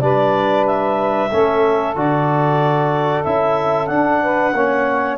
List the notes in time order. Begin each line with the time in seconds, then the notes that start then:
0.00 G3 D4 B4 D5
0.66 E5
1.31 A3 C#4 A4
1.96 D3 F#4 D5
3.24 C#4 E4 E5
3.87 D4 F#5
4.22 B4
4.54 A#3 C#4 C#5